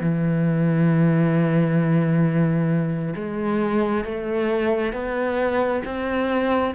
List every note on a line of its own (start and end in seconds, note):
0.00 3.13 E3
3.15 4.04 G#3
4.04 4.93 A3
4.93 5.82 B3
5.85 6.74 C4